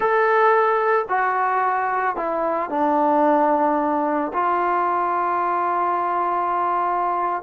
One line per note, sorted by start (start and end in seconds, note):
0.00 1.05 A4
1.08 2.16 F#4
2.16 2.69 E4
2.69 4.31 D4
4.33 7.42 F4